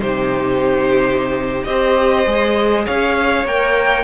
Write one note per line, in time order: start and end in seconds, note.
0.00 1.65 C3
0.00 1.65 D#4
0.00 1.67 G4
0.00 1.63 C5
1.63 2.26 C4
1.63 2.25 G4
1.63 2.85 C5
1.63 2.83 D#5
2.26 2.86 G#3
2.26 3.46 G#4
2.85 3.45 C#4
2.85 4.04 C#5
2.85 3.46 F5
3.45 4.04 A#3
3.45 4.04 A#4
3.45 4.04 G5